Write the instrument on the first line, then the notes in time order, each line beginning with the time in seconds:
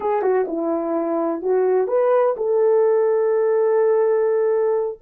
horn
0.00 G#4
0.21 F#4
0.47 E4
1.42 F#4
1.87 B4
2.37 A4